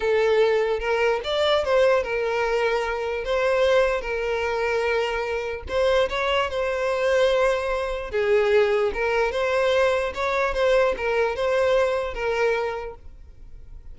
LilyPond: \new Staff \with { instrumentName = "violin" } { \time 4/4 \tempo 4 = 148 a'2 ais'4 d''4 | c''4 ais'2. | c''2 ais'2~ | ais'2 c''4 cis''4 |
c''1 | gis'2 ais'4 c''4~ | c''4 cis''4 c''4 ais'4 | c''2 ais'2 | }